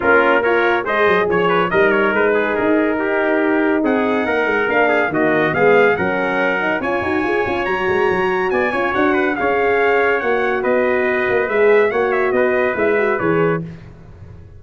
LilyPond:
<<
  \new Staff \with { instrumentName = "trumpet" } { \time 4/4 \tempo 4 = 141 ais'4 cis''4 dis''4 cis''4 | dis''8 cis''8 b'4 ais'2~ | ais'4 fis''2 f''4 | dis''4 f''4 fis''2 |
gis''2 ais''2 | gis''4 fis''4 f''2 | fis''4 dis''2 e''4 | fis''8 e''8 dis''4 e''4 cis''4 | }
  \new Staff \with { instrumentName = "trumpet" } { \time 4/4 f'4 ais'4 c''4 cis''8 b'8 | ais'4. gis'4. g'4~ | g'4 gis'4 ais'4. gis'8 | fis'4 gis'4 ais'2 |
cis''1 | d''8 cis''4 b'8 cis''2~ | cis''4 b'2. | cis''4 b'2. | }
  \new Staff \with { instrumentName = "horn" } { \time 4/4 cis'4 f'4 gis'2 | dis'1~ | dis'2. d'4 | ais4 b4 cis'4. dis'8 |
f'8 fis'8 gis'8 f'8 fis'2~ | fis'8 f'8 fis'4 gis'2 | fis'2. gis'4 | fis'2 e'8 fis'8 gis'4 | }
  \new Staff \with { instrumentName = "tuba" } { \time 4/4 ais2 gis8 fis8 f4 | g4 gis4 dis'2~ | dis'4 c'4 ais8 gis8 ais4 | dis4 gis4 fis2 |
cis'8 dis'8 f'8 cis'8 fis8 gis8 fis4 | b8 cis'8 d'4 cis'2 | ais4 b4. ais8 gis4 | ais4 b4 gis4 e4 | }
>>